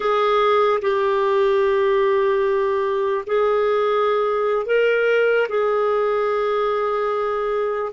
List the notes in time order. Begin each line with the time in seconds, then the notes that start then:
0.00 G#4
0.81 G4
3.26 G#4
4.65 A#4
5.48 G#4